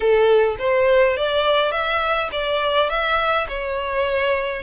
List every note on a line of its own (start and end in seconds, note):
0.00 0.56 A4
0.58 1.16 C5
1.16 1.71 D5
1.71 2.29 E5
2.32 2.89 D5
2.89 3.47 E5
3.48 4.62 C#5